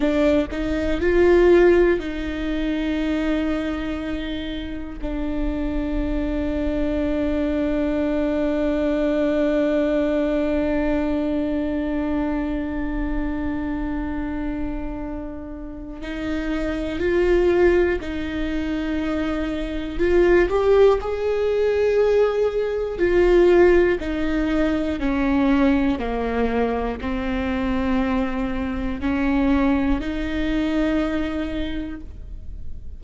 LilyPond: \new Staff \with { instrumentName = "viola" } { \time 4/4 \tempo 4 = 60 d'8 dis'8 f'4 dis'2~ | dis'4 d'2.~ | d'1~ | d'1 |
dis'4 f'4 dis'2 | f'8 g'8 gis'2 f'4 | dis'4 cis'4 ais4 c'4~ | c'4 cis'4 dis'2 | }